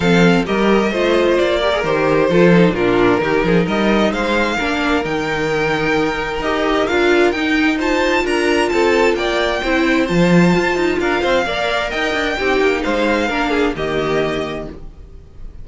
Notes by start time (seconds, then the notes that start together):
0.00 F3 C4 A4 F5
0.45 G3 G4 A#4 D#5
0.91 A3 F4 C5
1.37 A#3 D5
1.59 G4 A#4
1.73 G#4
1.83 D#3 G4 C5
2.29 F3 F4 A4
2.52 D#4
2.71 A#2 F4 A#4
2.78 D4
3.20 D#3 D#4 G4
3.43 F3 G#4
3.65 G3 A#4 D#5
4.11 G#3 C5 F5
4.56 A#3 D4 A#4
5.03 D#3 D#4 G5
6.39 D#4 G4 D#5
6.87 D4 F4 F5
7.31 D#4 G5
7.77 F4 C5 A5
8.23 D4 A#4 A#5
8.69 C4 A4 A5
9.14 A#3 D5 G5
9.61 C4 E4 C5
10.07 F3 F4 A5
10.56 F4
10.75 D#4
10.99 D4 A#4 F5
11.21 C4 C5
11.46 A#3 A#4 D5
11.89 D#4 D#5 G5
12.13 D4
12.38 C4 D#4 G4
12.60 A#3
12.82 G#3 C5 F5
13.27 A#3 D4 A#4
13.50 G#4
13.76 D#3 A#3 G4 D#5